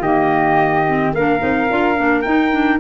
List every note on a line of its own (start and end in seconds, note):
0.00 1.12 D#3
0.00 0.87 A#3
0.00 1.15 G4
0.00 1.14 D#5
0.87 1.16 C4
1.14 1.42 A#3
1.14 1.39 D4
1.14 2.80 A#4
1.14 2.22 F5
1.39 1.70 C4
1.39 1.68 D#4
1.70 1.99 D4
1.70 1.96 F4
1.96 2.25 A#3
1.96 2.24 D4
2.22 2.51 D#4
2.22 2.80 D#4
2.22 2.78 G5
2.51 2.79 D4